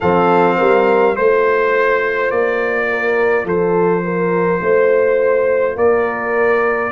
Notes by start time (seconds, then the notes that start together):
0.00 F3 C4 A4 F5
0.57 G3 A#4
1.15 A3 F4 C5
2.30 A#3 D5
2.90 A#4
3.44 F3 A4 C5
4.04 A#4
4.61 A3 C5
5.76 A#3 A#4 D5